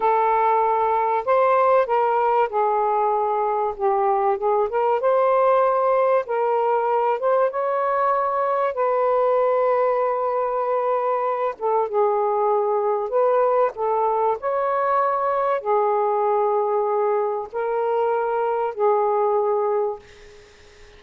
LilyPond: \new Staff \with { instrumentName = "saxophone" } { \time 4/4 \tempo 4 = 96 a'2 c''4 ais'4 | gis'2 g'4 gis'8 ais'8 | c''2 ais'4. c''8 | cis''2 b'2~ |
b'2~ b'8 a'8 gis'4~ | gis'4 b'4 a'4 cis''4~ | cis''4 gis'2. | ais'2 gis'2 | }